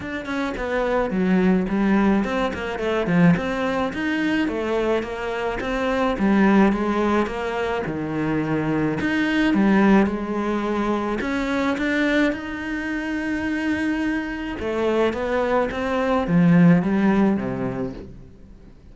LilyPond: \new Staff \with { instrumentName = "cello" } { \time 4/4 \tempo 4 = 107 d'8 cis'8 b4 fis4 g4 | c'8 ais8 a8 f8 c'4 dis'4 | a4 ais4 c'4 g4 | gis4 ais4 dis2 |
dis'4 g4 gis2 | cis'4 d'4 dis'2~ | dis'2 a4 b4 | c'4 f4 g4 c4 | }